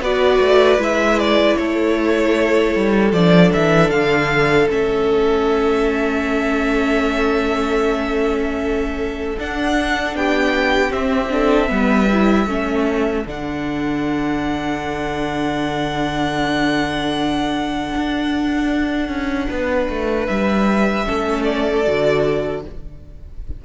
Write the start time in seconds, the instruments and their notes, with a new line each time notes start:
0.00 cello B3, viola F#4, violin B4 D5
0.40 cello A3
0.78 cello G#3, viola E4, violin E5
1.19 violin D5
1.56 cello A3, violin A4 C#5
2.75 cello G3
3.12 cello F3, viola D4, violin D5
3.53 cello E3, violin E5
3.90 cello D3, violin F5
4.69 cello A3, viola C#4, violin E5
9.38 cello D4, viola D4, violin F#5
10.14 cello B3, violin G4 G5
10.89 viola C4, cello C4, violin E5
11.30 viola D4, violin A4
11.68 cello G3, viola B3, violin B4
12.12 viola E4
12.46 cello A3, viola C#4, violin A4
13.26 cello D3, viola D4, violin F#5
17.95 cello D4
19.08 cello C#4
19.50 cello B3, violin B4
19.89 cello A3
20.26 cello G3, violin E5
21.05 cello A3, viola C#4, violin A4
21.44 violin D5
21.86 cello D3, viola F#4